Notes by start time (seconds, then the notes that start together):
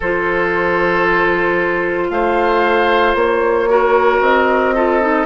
0.00 F3 F4 A4 C5
2.09 A3 C5 F5
3.14 A#3 C#5
3.69 F#4 A#4
4.20 C4 D#5
4.75 F4 A4
5.00 D#4